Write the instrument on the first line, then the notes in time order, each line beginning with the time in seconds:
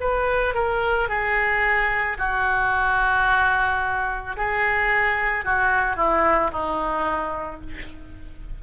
oboe
0.00 B4
0.54 A#4
1.08 G#4
2.18 F#4
4.36 G#4
5.44 F#4
5.96 E4
6.52 D#4